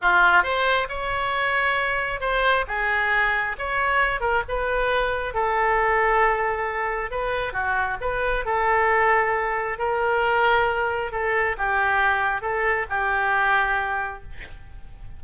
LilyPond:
\new Staff \with { instrumentName = "oboe" } { \time 4/4 \tempo 4 = 135 f'4 c''4 cis''2~ | cis''4 c''4 gis'2 | cis''4. ais'8 b'2 | a'1 |
b'4 fis'4 b'4 a'4~ | a'2 ais'2~ | ais'4 a'4 g'2 | a'4 g'2. | }